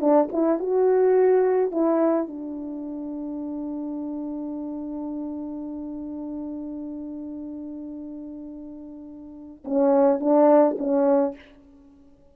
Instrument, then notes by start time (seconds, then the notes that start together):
horn
0.00 D4
0.32 E4
0.59 F#4
1.71 E4
2.28 D4
9.64 C#4
10.19 D4
10.78 C#4